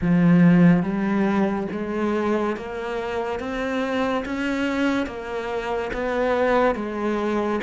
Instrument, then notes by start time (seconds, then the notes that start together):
cello
0.01 F3
0.82 G3
1.71 G#3
2.56 A#3
3.39 C4
4.25 C#4
5.06 A#3
5.93 B3
6.75 G#3